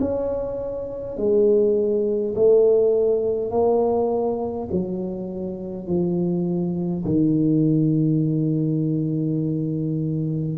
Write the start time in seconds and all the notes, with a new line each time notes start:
0.00 C#4
1.17 G#3
2.35 A3
3.50 A#3
4.71 F#3
5.87 F3
7.05 D#3